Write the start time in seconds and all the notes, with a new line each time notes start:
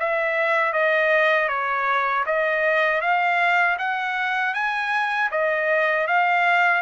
0.00 E5
0.73 D#5
1.48 C#5
2.26 D#5
3.01 F5
3.79 F#5
4.54 G#5
5.31 D#5
6.07 F5